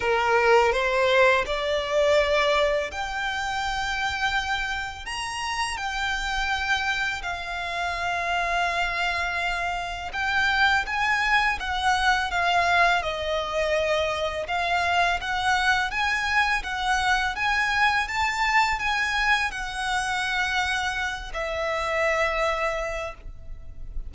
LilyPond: \new Staff \with { instrumentName = "violin" } { \time 4/4 \tempo 4 = 83 ais'4 c''4 d''2 | g''2. ais''4 | g''2 f''2~ | f''2 g''4 gis''4 |
fis''4 f''4 dis''2 | f''4 fis''4 gis''4 fis''4 | gis''4 a''4 gis''4 fis''4~ | fis''4. e''2~ e''8 | }